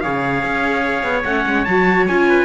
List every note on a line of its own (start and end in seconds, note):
0.00 0.43 C#3
0.00 1.25 G#4
0.00 2.27 C#5
0.00 1.22 F5
0.43 1.03 C#4
1.03 1.24 B3
1.24 1.45 A3
1.24 1.66 C#4
1.24 1.65 F#5
1.46 1.67 G#3
1.65 2.08 F#3
1.65 2.09 F#4
1.65 2.06 A5
2.07 2.44 C#4
2.07 2.44 F4
2.07 2.44 G#5
2.28 2.44 B4